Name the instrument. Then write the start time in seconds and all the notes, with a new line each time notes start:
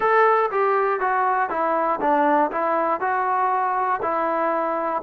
trombone
0.00 A4
0.50 G4
1.00 F#4
1.49 E4
2.00 D4
2.50 E4
3.00 F#4
4.01 E4